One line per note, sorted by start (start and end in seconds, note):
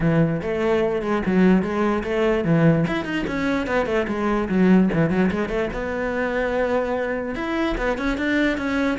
0.00 0.41 E3
0.41 1.01 A3
1.01 1.22 G#3
1.26 1.62 F#3
1.62 2.03 G#3
2.03 2.44 A3
2.44 2.85 E3
2.87 3.04 E4
3.04 3.25 D#4
3.27 3.67 C#4
3.67 3.86 B3
3.86 4.06 A3
4.07 4.48 G#3
4.48 4.89 F#3
4.93 5.09 E3
5.09 5.30 F#3
5.31 5.48 G#3
5.48 5.69 A3
5.73 7.35 B3
7.35 7.76 E4
7.77 7.98 B3
7.98 8.17 C#4
8.17 8.57 D4
8.57 8.98 C#4